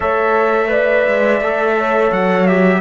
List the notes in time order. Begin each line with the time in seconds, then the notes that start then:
0.00 A3 A4 C#5 E5
0.68 B4 D5
1.07 G#3
1.40 A3 A4
1.77 C#5
2.11 F#3 F#5
2.46 G4 E5